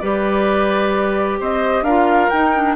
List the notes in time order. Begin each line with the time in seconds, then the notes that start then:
0.00 G3 G4 B4 D5
1.40 C4 C5 D#5
1.82 D4 F4 A#4 F5
2.29 D#4 G5
2.55 D4